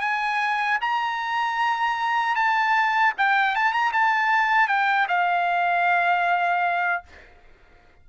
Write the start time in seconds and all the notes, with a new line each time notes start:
0.00 G#5
0.80 A#5
2.35 A5
3.17 G5
3.55 A5
3.72 A#5
3.92 A5
4.68 G5
5.08 F5